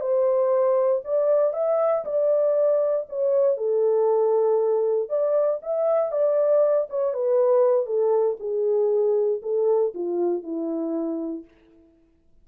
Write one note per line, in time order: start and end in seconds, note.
0.00 1.02 C5
1.04 1.53 D5
1.53 2.04 E5
2.05 3.06 D5
3.09 3.57 C#5
3.57 5.09 A4
5.09 5.60 D5
5.62 6.11 E5
6.11 6.87 D5
6.89 7.13 C#5
7.13 7.86 B4
7.86 8.37 A4
8.39 9.41 G#4
9.42 9.93 A4
9.94 10.42 F4
10.42 11.44 E4